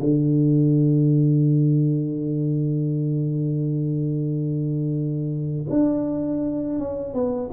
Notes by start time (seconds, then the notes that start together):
0.00 D3
5.70 D4
6.79 C#4
7.14 B3